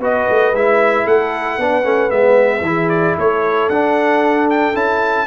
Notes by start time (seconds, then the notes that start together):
0.00 B3 F#4 B4 D#5
0.30 A3
0.53 G#3 E4 E5
1.05 A3 A4 F#5
1.59 B3 D4 B4
1.84 A3 C#4
2.10 G#3 B3 E5
2.61 E3 E4 G#4
2.89 D5
3.18 A3 A4 C#5
3.70 D4 F#5
4.50 G5
4.74 C#4 E4 A5